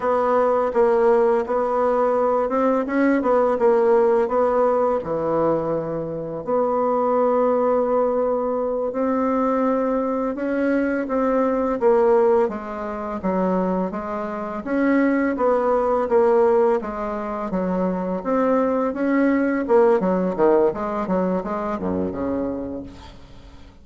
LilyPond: \new Staff \with { instrumentName = "bassoon" } { \time 4/4 \tempo 4 = 84 b4 ais4 b4. c'8 | cis'8 b8 ais4 b4 e4~ | e4 b2.~ | b8 c'2 cis'4 c'8~ |
c'8 ais4 gis4 fis4 gis8~ | gis8 cis'4 b4 ais4 gis8~ | gis8 fis4 c'4 cis'4 ais8 | fis8 dis8 gis8 fis8 gis8 fis,8 cis4 | }